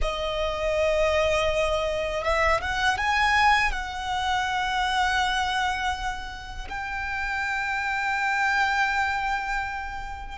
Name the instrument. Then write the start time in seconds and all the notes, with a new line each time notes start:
violin
0.01 D#5
2.23 E5
2.61 F#5
2.97 G#5
3.71 F#5
6.68 G5